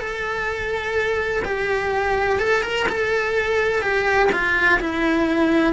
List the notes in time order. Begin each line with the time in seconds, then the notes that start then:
0.00 A4
1.45 G4
2.39 A4
2.63 A#4
2.89 A4
3.82 G4
4.32 F4
4.81 E4